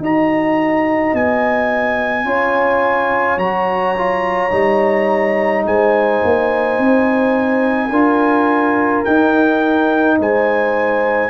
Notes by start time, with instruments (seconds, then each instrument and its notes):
0.00 tuba D#4, trombone F#4, horn D#5, trumpet A#5
1.14 tuba B3, trumpet G#5
2.25 tuba C#4, trombone F4, horn C#5
3.37 tuba F#3, trombone F#4, trumpet A#5
3.98 trombone F4
4.50 tuba G3, trombone D#4
5.66 tuba G#3, horn C5, trumpet G#5
6.24 tuba A#3
6.78 tuba C4
7.90 tuba D4, trombone F4, horn A#4
9.05 trombone D#4, tuba D#4, trumpet G5
10.19 tuba G#3, horn C5, trumpet G#5